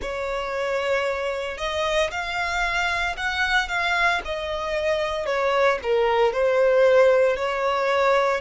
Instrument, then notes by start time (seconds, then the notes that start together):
violin
0.01 C#5
1.57 D#5
2.11 F5
3.16 F#5
3.68 F5
4.24 D#5
5.26 C#5
5.82 A#4
6.32 C5
7.36 C#5